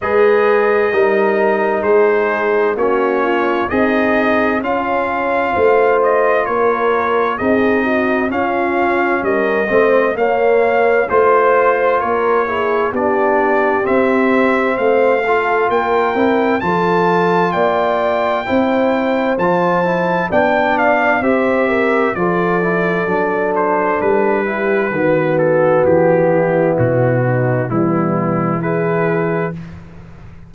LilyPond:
<<
  \new Staff \with { instrumentName = "trumpet" } { \time 4/4 \tempo 4 = 65 dis''2 c''4 cis''4 | dis''4 f''4. dis''8 cis''4 | dis''4 f''4 dis''4 f''4 | c''4 cis''4 d''4 e''4 |
f''4 g''4 a''4 g''4~ | g''4 a''4 g''8 f''8 e''4 | d''4. c''8 b'4. a'8 | g'4 fis'4 e'4 b'4 | }
  \new Staff \with { instrumentName = "horn" } { \time 4/4 b'4 ais'4 gis'4 fis'8 f'8 | dis'4 cis'4 c''4 ais'4 | gis'8 fis'8 f'4 ais'8 c''8 cis''4 | c''4 ais'8 gis'8 g'2 |
c''8 a'8 ais'4 a'4 d''4 | c''2 d''4 c''8 ais'8 | a'2~ a'8 g'8 fis'4~ | fis'8 e'4 dis'8 b4 gis'4 | }
  \new Staff \with { instrumentName = "trombone" } { \time 4/4 gis'4 dis'2 cis'4 | gis'4 f'2. | dis'4 cis'4. c'8 ais4 | f'4. e'8 d'4 c'4~ |
c'8 f'4 e'8 f'2 | e'4 f'8 e'8 d'4 g'4 | f'8 e'8 d'4. e'8 b4~ | b2 g4 e'4 | }
  \new Staff \with { instrumentName = "tuba" } { \time 4/4 gis4 g4 gis4 ais4 | c'4 cis'4 a4 ais4 | c'4 cis'4 g8 a8 ais4 | a4 ais4 b4 c'4 |
a4 ais8 c'8 f4 ais4 | c'4 f4 b4 c'4 | f4 fis4 g4 dis4 | e4 b,4 e2 | }
>>